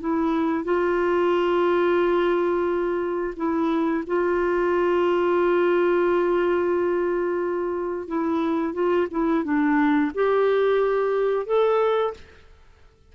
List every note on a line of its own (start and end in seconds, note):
0.00 0.64 E4
0.64 3.34 F4
3.36 4.04 E4
4.07 8.08 F4
8.08 8.74 E4
8.74 9.07 F4
9.11 9.44 E4
9.44 10.12 D4
10.15 11.46 G4
11.46 12.13 A4